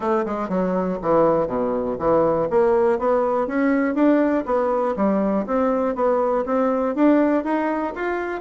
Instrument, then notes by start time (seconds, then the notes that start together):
bassoon
0.00 A3
0.25 G#3
0.48 F#3
1.02 E3
1.47 B2
1.98 E3
2.50 A#3
2.98 B3
3.47 C#4
3.94 D4
4.45 B3
4.96 G3
5.46 C4
5.95 B3
6.45 C4
6.95 D4
7.44 D#4
7.95 F4